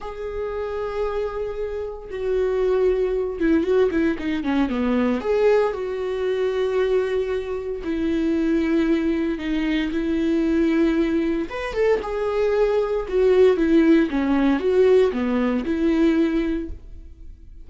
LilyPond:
\new Staff \with { instrumentName = "viola" } { \time 4/4 \tempo 4 = 115 gis'1 | fis'2~ fis'8 e'8 fis'8 e'8 | dis'8 cis'8 b4 gis'4 fis'4~ | fis'2. e'4~ |
e'2 dis'4 e'4~ | e'2 b'8 a'8 gis'4~ | gis'4 fis'4 e'4 cis'4 | fis'4 b4 e'2 | }